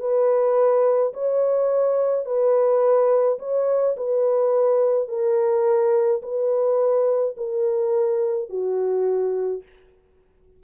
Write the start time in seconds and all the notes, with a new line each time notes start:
0.00 B4
1.13 C#5
2.25 B4
3.39 C#5
3.97 B4
5.08 A#4
6.22 B4
7.37 A#4
8.50 F#4